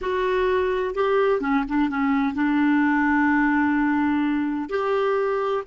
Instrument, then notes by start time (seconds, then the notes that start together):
clarinet
0.01 F#4
0.94 G4
1.40 C#4
1.68 D4
1.89 C#4
2.34 D4
4.69 G4